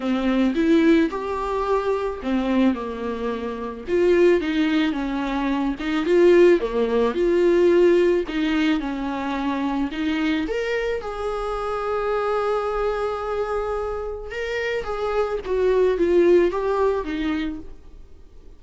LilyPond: \new Staff \with { instrumentName = "viola" } { \time 4/4 \tempo 4 = 109 c'4 e'4 g'2 | c'4 ais2 f'4 | dis'4 cis'4. dis'8 f'4 | ais4 f'2 dis'4 |
cis'2 dis'4 ais'4 | gis'1~ | gis'2 ais'4 gis'4 | fis'4 f'4 g'4 dis'4 | }